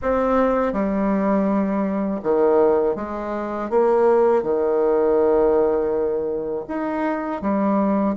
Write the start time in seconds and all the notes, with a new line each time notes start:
0.02 C4
0.72 G3
2.22 D#3
2.95 G#3
3.70 A#3
4.42 D#3
6.67 D#4
7.41 G3